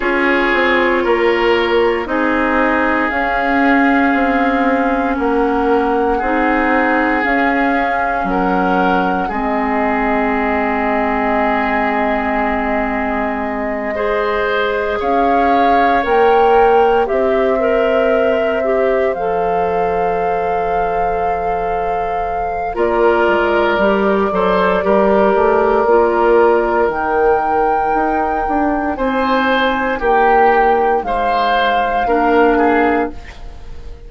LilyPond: <<
  \new Staff \with { instrumentName = "flute" } { \time 4/4 \tempo 4 = 58 cis''2 dis''4 f''4~ | f''4 fis''2 f''4 | fis''4 dis''2.~ | dis''2~ dis''8 f''4 g''8~ |
g''8 e''2 f''4.~ | f''2 d''2~ | d''2 g''2 | gis''4 g''4 f''2 | }
  \new Staff \with { instrumentName = "oboe" } { \time 4/4 gis'4 ais'4 gis'2~ | gis'4 ais'4 gis'2 | ais'4 gis'2.~ | gis'4. c''4 cis''4.~ |
cis''8 c''2.~ c''8~ | c''2 ais'4. c''8 | ais'1 | c''4 g'4 c''4 ais'8 gis'8 | }
  \new Staff \with { instrumentName = "clarinet" } { \time 4/4 f'2 dis'4 cis'4~ | cis'2 dis'4 cis'4~ | cis'4 c'2.~ | c'4. gis'2 ais'8~ |
ais'8 g'8 ais'4 g'8 a'4.~ | a'2 f'4 g'8 a'8 | g'4 f'4 dis'2~ | dis'2. d'4 | }
  \new Staff \with { instrumentName = "bassoon" } { \time 4/4 cis'8 c'8 ais4 c'4 cis'4 | c'4 ais4 c'4 cis'4 | fis4 gis2.~ | gis2~ gis8 cis'4 ais8~ |
ais8 c'2 f4.~ | f2 ais8 gis8 g8 fis8 | g8 a8 ais4 dis4 dis'8 d'8 | c'4 ais4 gis4 ais4 | }
>>